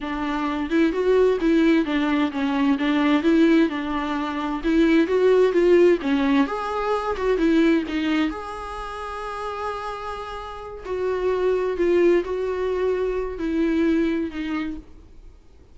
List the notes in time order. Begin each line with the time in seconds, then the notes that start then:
0.00 D4
0.69 E4
0.92 F#4
1.41 E4
1.85 D4
2.31 C#4
2.78 D4
3.23 E4
3.69 D4
4.63 E4
5.07 F#4
5.52 F4
6.01 C#4
6.46 G#4
7.16 F#4
7.37 E4
7.88 D#4
8.30 G#4
10.85 F#4
11.77 F4
12.24 F#4
13.38 E4
14.30 D#4